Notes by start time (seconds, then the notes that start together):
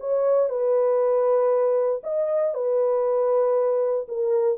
0.00 C#5
0.50 B4
2.04 D#5
2.54 B4
4.09 A#4